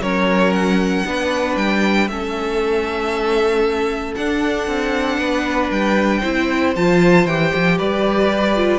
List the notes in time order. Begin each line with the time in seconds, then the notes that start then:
0.00 F#3 C#4 A#4 C#5
0.53 F#5
1.05 B3 D4 B4
1.56 G3 G5
2.08 A3 C#4 A4 E5
4.15 D4 F#5
4.67 C4
5.18 B3 B4
5.70 G3 G5
6.19 C4 E4 C5
6.76 F3 F4 A5
7.25 E3 G4 G5
7.55 F3
7.78 G3 B4 D5
8.56 F4